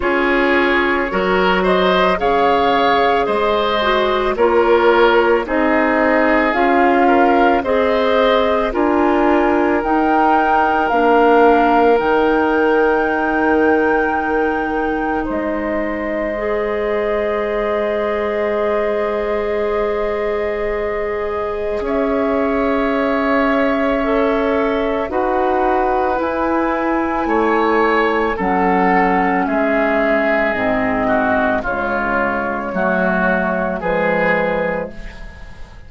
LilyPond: <<
  \new Staff \with { instrumentName = "flute" } { \time 4/4 \tempo 4 = 55 cis''4. dis''8 f''4 dis''4 | cis''4 dis''4 f''4 dis''4 | gis''4 g''4 f''4 g''4~ | g''2 dis''2~ |
dis''1 | e''2. fis''4 | gis''2 fis''4 e''4 | dis''4 cis''2 b'4 | }
  \new Staff \with { instrumentName = "oboe" } { \time 4/4 gis'4 ais'8 c''8 cis''4 c''4 | ais'4 gis'4. ais'8 c''4 | ais'1~ | ais'2 c''2~ |
c''1 | cis''2. b'4~ | b'4 cis''4 a'4 gis'4~ | gis'8 fis'8 f'4 fis'4 gis'4 | }
  \new Staff \with { instrumentName = "clarinet" } { \time 4/4 f'4 fis'4 gis'4. fis'8 | f'4 dis'4 f'4 gis'4 | f'4 dis'4 d'4 dis'4~ | dis'2. gis'4~ |
gis'1~ | gis'2 a'4 fis'4 | e'2 cis'2 | c'4 gis4 a4 gis4 | }
  \new Staff \with { instrumentName = "bassoon" } { \time 4/4 cis'4 fis4 cis4 gis4 | ais4 c'4 cis'4 c'4 | d'4 dis'4 ais4 dis4~ | dis2 gis2~ |
gis1 | cis'2. dis'4 | e'4 a4 fis4 gis4 | gis,4 cis4 fis4 f4 | }
>>